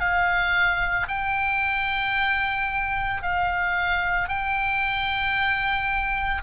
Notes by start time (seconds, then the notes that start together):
0.00 F5
1.08 G5
3.22 F5
4.28 G5